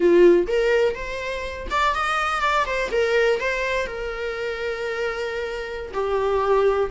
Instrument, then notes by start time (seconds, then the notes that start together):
viola
0.00 F4
0.47 A#4
0.94 C5
1.70 D5
1.94 D#5
2.41 D5
2.65 C5
2.91 A#4
3.40 C5
3.86 A#4
5.93 G4